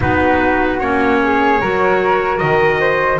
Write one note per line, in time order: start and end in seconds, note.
0.00 0.80 B3
0.00 0.80 D#4
0.00 1.19 F#4
0.00 0.79 B4
0.79 1.60 A#3
0.79 1.60 C#4
0.79 2.38 C#5
1.23 1.60 G#4
1.60 2.41 F#3
1.60 3.19 F#4
1.60 2.80 A#4
2.38 3.19 D#3
2.38 3.18 D#5
2.80 3.19 C5